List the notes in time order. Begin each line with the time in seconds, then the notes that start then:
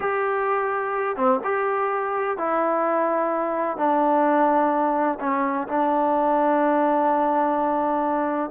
0.00 G4
1.16 C4
1.44 G4
2.37 E4
3.77 D4
5.20 C#4
5.68 D4